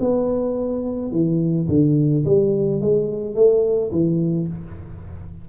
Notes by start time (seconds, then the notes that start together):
0.00 B3
1.11 E3
1.68 D3
2.25 G3
2.81 G#3
3.35 A3
3.92 E3